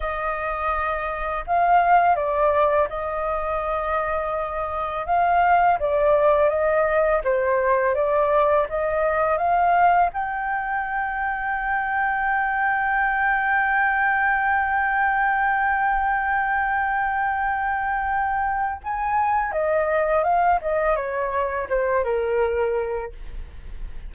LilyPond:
\new Staff \with { instrumentName = "flute" } { \time 4/4 \tempo 4 = 83 dis''2 f''4 d''4 | dis''2. f''4 | d''4 dis''4 c''4 d''4 | dis''4 f''4 g''2~ |
g''1~ | g''1~ | g''2 gis''4 dis''4 | f''8 dis''8 cis''4 c''8 ais'4. | }